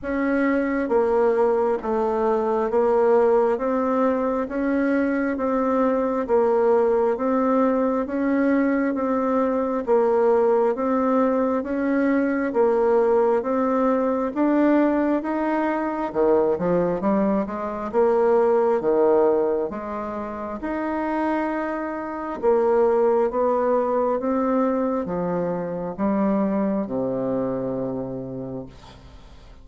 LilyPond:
\new Staff \with { instrumentName = "bassoon" } { \time 4/4 \tempo 4 = 67 cis'4 ais4 a4 ais4 | c'4 cis'4 c'4 ais4 | c'4 cis'4 c'4 ais4 | c'4 cis'4 ais4 c'4 |
d'4 dis'4 dis8 f8 g8 gis8 | ais4 dis4 gis4 dis'4~ | dis'4 ais4 b4 c'4 | f4 g4 c2 | }